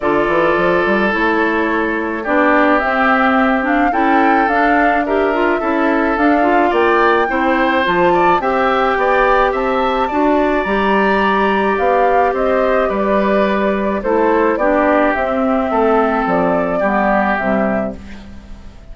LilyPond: <<
  \new Staff \with { instrumentName = "flute" } { \time 4/4 \tempo 4 = 107 d''2 cis''2 | d''4 e''4. f''8 g''4 | f''4 e''2 f''4 | g''2 a''4 g''4~ |
g''4 a''2 ais''4~ | ais''4 f''4 dis''4 d''4~ | d''4 c''4 d''4 e''4~ | e''4 d''2 e''4 | }
  \new Staff \with { instrumentName = "oboe" } { \time 4/4 a'1 | g'2. a'4~ | a'4 ais'4 a'2 | d''4 c''4. d''8 e''4 |
d''4 e''4 d''2~ | d''2 c''4 b'4~ | b'4 a'4 g'2 | a'2 g'2 | }
  \new Staff \with { instrumentName = "clarinet" } { \time 4/4 f'2 e'2 | d'4 c'4. d'8 e'4 | d'4 g'8 f'8 e'4 d'8 f'8~ | f'4 e'4 f'4 g'4~ |
g'2 fis'4 g'4~ | g'1~ | g'4 e'4 d'4 c'4~ | c'2 b4 g4 | }
  \new Staff \with { instrumentName = "bassoon" } { \time 4/4 d8 e8 f8 g8 a2 | b4 c'2 cis'4 | d'2 cis'4 d'4 | ais4 c'4 f4 c'4 |
b4 c'4 d'4 g4~ | g4 b4 c'4 g4~ | g4 a4 b4 c'4 | a4 f4 g4 c4 | }
>>